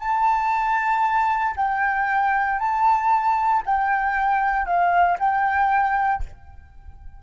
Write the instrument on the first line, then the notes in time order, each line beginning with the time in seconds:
flute
0.00 A5
1.57 G5
2.60 A5
3.66 G5
4.66 F5
5.20 G5